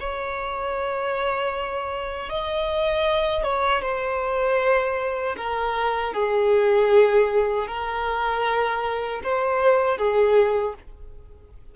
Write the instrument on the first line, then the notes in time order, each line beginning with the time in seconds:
violin
0.00 C#5
2.29 D#5
3.43 C#5
3.82 C5
5.36 A#4
6.13 G#4
7.67 A#4
9.23 C5
9.98 G#4